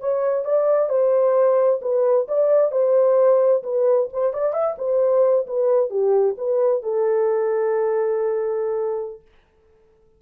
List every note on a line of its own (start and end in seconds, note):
0.00 0.45 C#5
0.45 0.89 D5
0.89 1.80 C5
1.82 2.27 B4
2.28 2.72 D5
2.72 3.63 C5
3.63 4.08 B4
4.13 4.33 C5
4.33 4.53 D5
4.53 4.76 E5
4.78 5.46 C5
5.47 5.90 B4
5.90 6.36 G4
6.38 6.83 B4
6.83 9.21 A4